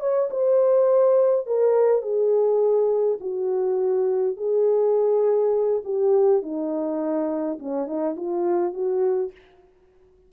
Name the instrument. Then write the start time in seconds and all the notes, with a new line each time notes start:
horn
0.00 C#5
0.30 C5
1.46 A#4
2.02 G#4
3.21 F#4
4.37 G#4
5.84 G4
6.42 D#4
7.59 C#4
7.87 D#4
8.17 F4
8.74 F#4